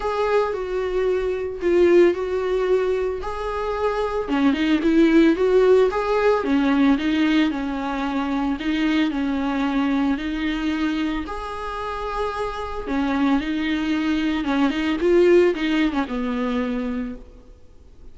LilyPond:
\new Staff \with { instrumentName = "viola" } { \time 4/4 \tempo 4 = 112 gis'4 fis'2 f'4 | fis'2 gis'2 | cis'8 dis'8 e'4 fis'4 gis'4 | cis'4 dis'4 cis'2 |
dis'4 cis'2 dis'4~ | dis'4 gis'2. | cis'4 dis'2 cis'8 dis'8 | f'4 dis'8. cis'16 b2 | }